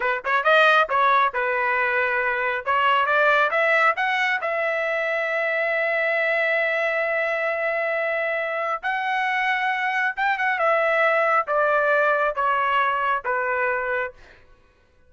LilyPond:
\new Staff \with { instrumentName = "trumpet" } { \time 4/4 \tempo 4 = 136 b'8 cis''8 dis''4 cis''4 b'4~ | b'2 cis''4 d''4 | e''4 fis''4 e''2~ | e''1~ |
e''1 | fis''2. g''8 fis''8 | e''2 d''2 | cis''2 b'2 | }